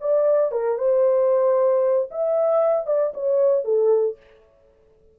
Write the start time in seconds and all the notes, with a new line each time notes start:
0.00 D5
0.51 A#4
0.78 C5
2.10 E5
2.86 D5
3.14 C#5
3.64 A4